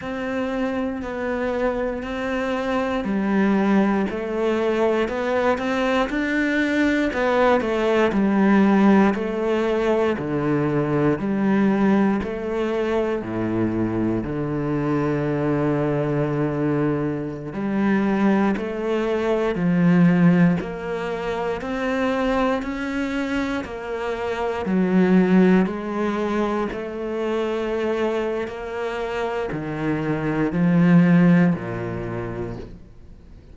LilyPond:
\new Staff \with { instrumentName = "cello" } { \time 4/4 \tempo 4 = 59 c'4 b4 c'4 g4 | a4 b8 c'8 d'4 b8 a8 | g4 a4 d4 g4 | a4 a,4 d2~ |
d4~ d16 g4 a4 f8.~ | f16 ais4 c'4 cis'4 ais8.~ | ais16 fis4 gis4 a4.~ a16 | ais4 dis4 f4 ais,4 | }